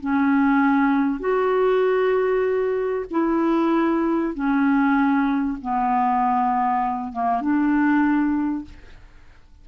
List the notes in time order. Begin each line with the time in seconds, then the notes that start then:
0.00 C#4
1.19 F#4
3.10 E4
4.34 C#4
5.61 B3
7.12 A#3
7.41 D4